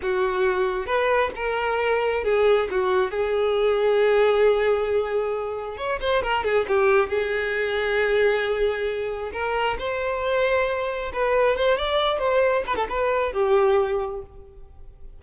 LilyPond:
\new Staff \with { instrumentName = "violin" } { \time 4/4 \tempo 4 = 135 fis'2 b'4 ais'4~ | ais'4 gis'4 fis'4 gis'4~ | gis'1~ | gis'4 cis''8 c''8 ais'8 gis'8 g'4 |
gis'1~ | gis'4 ais'4 c''2~ | c''4 b'4 c''8 d''4 c''8~ | c''8 b'16 a'16 b'4 g'2 | }